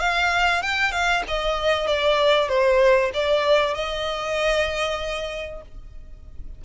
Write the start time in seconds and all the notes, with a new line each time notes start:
0.00 F5
0.62 G5
0.91 F5
1.28 D#5
1.87 D5
2.49 C5
3.14 D5
3.74 D#5